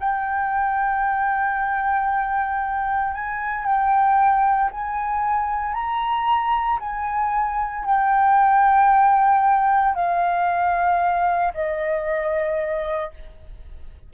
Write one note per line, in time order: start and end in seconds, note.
0.00 3.14 G5
3.14 3.65 G#5
3.65 4.70 G5
4.71 5.74 G#5
5.74 6.79 A#5
6.80 7.85 G#5
7.85 9.95 G5
9.95 11.53 F5
11.54 13.12 D#5